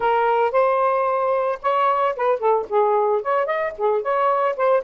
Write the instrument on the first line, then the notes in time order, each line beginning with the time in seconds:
saxophone
0.00 A#4
0.51 C5
1.62 C#5
2.16 B4
2.39 A4
2.69 G#4
3.22 C#5
3.46 D#5
3.77 G#4
4.02 C#5
4.56 C5